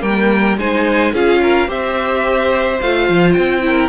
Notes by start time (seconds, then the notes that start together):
0.00 G3 A#3 A#4 G5
0.58 G#3 D#4 C5 G#5
1.13 C#4 F4 G#4 F5
1.42 A#4
1.67 C4 G4 C5 E5
2.81 A3 F4 F5
3.09 F3
3.33 C4 G5
3.62 E4 A#4